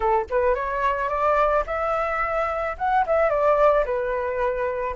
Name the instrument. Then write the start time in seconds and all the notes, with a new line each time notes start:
flute
0.00 A4
0.30 B4
0.54 C#5
1.08 D5
1.66 E5
2.77 F#5
3.06 E5
3.29 D5
3.85 B4